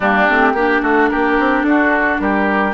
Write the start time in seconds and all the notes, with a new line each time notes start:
0.00 G3 A#3 D4 G4
0.28 A3 C4
0.53 A#3 D4 G4
0.82 A3 F#4 A4
1.09 A#3 G4 A#4
1.39 C4
1.62 D4 F#4 A4
2.19 G3 G4 A#4